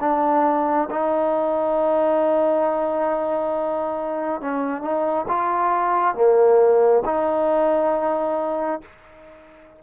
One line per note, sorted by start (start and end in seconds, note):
0.00 0.88 D4
0.90 4.41 D#4
4.41 4.82 C#4
4.82 5.26 D#4
5.27 6.14 F4
6.14 7.03 A#3
7.05 8.81 D#4